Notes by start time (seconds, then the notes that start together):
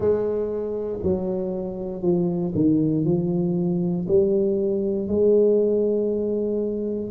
0.00 G#3
1.03 F#3
2.02 F3
2.54 D#3
3.04 F3
4.07 G3
5.08 G#3